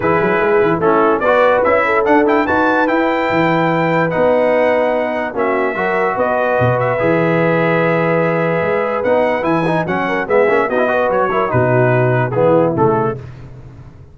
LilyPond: <<
  \new Staff \with { instrumentName = "trumpet" } { \time 4/4 \tempo 4 = 146 b'2 a'4 d''4 | e''4 fis''8 g''8 a''4 g''4~ | g''2 fis''2~ | fis''4 e''2 dis''4~ |
dis''8 e''2.~ e''8~ | e''2 fis''4 gis''4 | fis''4 e''4 dis''4 cis''4 | b'2 gis'4 a'4 | }
  \new Staff \with { instrumentName = "horn" } { \time 4/4 gis'2 e'4 b'4~ | b'8 a'4. b'2~ | b'1~ | b'4 fis'4 ais'4 b'4~ |
b'1~ | b'1~ | b'8 ais'8 gis'4 fis'8 b'4 ais'8 | fis'2 e'2 | }
  \new Staff \with { instrumentName = "trombone" } { \time 4/4 e'2 cis'4 fis'4 | e'4 d'8 e'8 fis'4 e'4~ | e'2 dis'2~ | dis'4 cis'4 fis'2~ |
fis'4 gis'2.~ | gis'2 dis'4 e'8 dis'8 | cis'4 b8 cis'8 dis'16 e'16 fis'4 e'8 | dis'2 b4 a4 | }
  \new Staff \with { instrumentName = "tuba" } { \time 4/4 e8 fis8 gis8 e8 a4 b4 | cis'4 d'4 dis'4 e'4 | e2 b2~ | b4 ais4 fis4 b4 |
b,4 e2.~ | e4 gis4 b4 e4 | fis4 gis8 ais8 b4 fis4 | b,2 e4 cis4 | }
>>